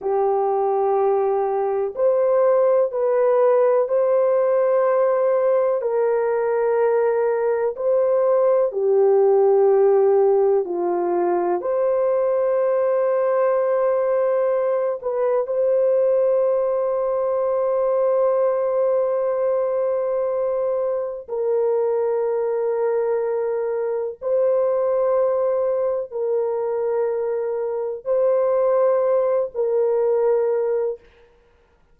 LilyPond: \new Staff \with { instrumentName = "horn" } { \time 4/4 \tempo 4 = 62 g'2 c''4 b'4 | c''2 ais'2 | c''4 g'2 f'4 | c''2.~ c''8 b'8 |
c''1~ | c''2 ais'2~ | ais'4 c''2 ais'4~ | ais'4 c''4. ais'4. | }